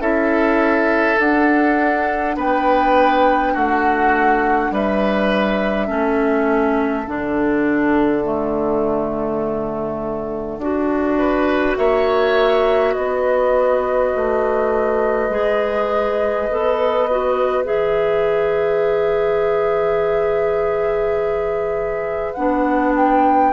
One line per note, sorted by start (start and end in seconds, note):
0.00 1.18 C#4
0.00 1.17 E4
0.00 2.36 A4
0.00 1.18 E5
1.17 5.87 D4
1.17 2.36 D4
1.17 2.37 F#5
2.36 3.54 B3
2.36 3.53 B4
2.36 3.56 G5
3.53 4.71 A3
3.53 4.71 F#4
3.53 4.74 F#5
4.71 5.88 G3
4.71 5.87 B4
4.71 7.07 E5
5.87 7.07 A3
5.87 7.05 C#4
5.87 11.16 A4
7.07 10.58 D3
7.07 8.24 D4
7.07 11.76 F#5
8.24 10.59 A3
10.58 11.75 D4
10.58 15.31 F#4
11.18 11.77 B4
11.76 12.96 A#3
11.76 12.94 C#5
11.76 12.94 E5
12.94 14.14 B3
12.94 23.52 B4
12.94 17.64 D#5
14.15 15.29 A3
15.29 16.47 G#3
15.29 16.49 G#4
16.50 17.68 B3
16.50 17.09 A4
17.10 17.64 F#4
17.64 22.36 E3
17.64 22.35 G#4
17.64 22.33 E5
22.33 23.53 B3
22.33 23.53 D4
22.33 22.92 F#5
22.96 23.53 G5